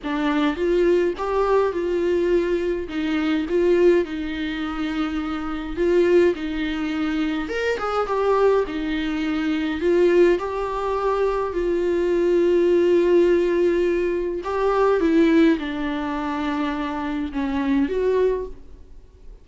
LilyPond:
\new Staff \with { instrumentName = "viola" } { \time 4/4 \tempo 4 = 104 d'4 f'4 g'4 f'4~ | f'4 dis'4 f'4 dis'4~ | dis'2 f'4 dis'4~ | dis'4 ais'8 gis'8 g'4 dis'4~ |
dis'4 f'4 g'2 | f'1~ | f'4 g'4 e'4 d'4~ | d'2 cis'4 fis'4 | }